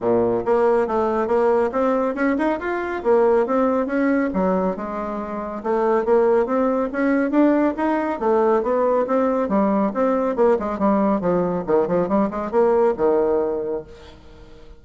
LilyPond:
\new Staff \with { instrumentName = "bassoon" } { \time 4/4 \tempo 4 = 139 ais,4 ais4 a4 ais4 | c'4 cis'8 dis'8 f'4 ais4 | c'4 cis'4 fis4 gis4~ | gis4 a4 ais4 c'4 |
cis'4 d'4 dis'4 a4 | b4 c'4 g4 c'4 | ais8 gis8 g4 f4 dis8 f8 | g8 gis8 ais4 dis2 | }